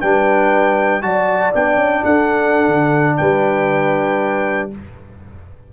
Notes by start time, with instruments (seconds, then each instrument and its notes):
0.00 tuba G3, trombone D4, horn B4, trumpet G5
1.01 tuba F#3, trombone F#4, horn D5, trumpet A5
1.53 tuba B3, trombone D4, trumpet G5
1.76 tuba C#4
2.04 tuba D4, horn A4, trumpet F#5
2.67 tuba D3
3.17 tuba G3, horn B4, trumpet G5